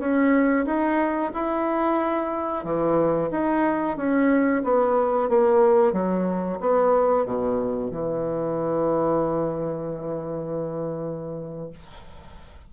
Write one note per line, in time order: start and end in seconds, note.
0.00 0.66 C#4
0.66 1.32 D#4
1.34 2.65 E4
2.65 3.31 E3
3.31 3.97 D#4
3.97 4.63 C#4
4.65 5.30 B3
5.30 5.93 A#3
5.93 6.59 F#3
6.61 7.26 B3
7.26 7.92 B2
7.92 11.71 E3